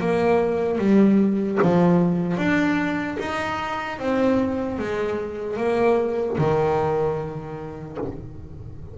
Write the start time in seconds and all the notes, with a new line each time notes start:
0.00 A#3
0.79 G3
1.63 F3
2.37 D4
3.19 D#4
3.99 C4
4.79 G#3
5.57 A#3
6.38 D#3